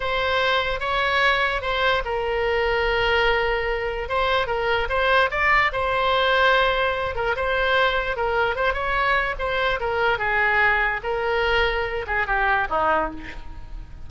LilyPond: \new Staff \with { instrumentName = "oboe" } { \time 4/4 \tempo 4 = 147 c''2 cis''2 | c''4 ais'2.~ | ais'2 c''4 ais'4 | c''4 d''4 c''2~ |
c''4. ais'8 c''2 | ais'4 c''8 cis''4. c''4 | ais'4 gis'2 ais'4~ | ais'4. gis'8 g'4 dis'4 | }